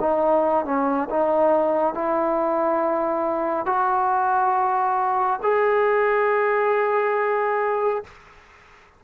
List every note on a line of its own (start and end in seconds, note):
0.00 0.65 D#4
0.65 1.09 C#4
1.10 1.94 D#4
1.94 3.66 E4
3.66 5.40 F#4
5.43 8.04 G#4